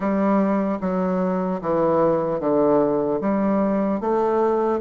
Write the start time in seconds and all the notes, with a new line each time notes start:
0.00 G3
0.80 F#3
1.61 E3
2.40 D3
3.20 G3
4.00 A3